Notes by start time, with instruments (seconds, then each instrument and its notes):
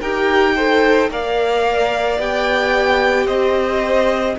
0.00 cello D#4, viola G4, violin A#4 G5
0.55 viola A4, violin C5
1.09 cello A#3, viola A#4, violin D5 F5
2.18 cello B3, viola G4, violin G5
3.26 cello C4, violin C5 D#5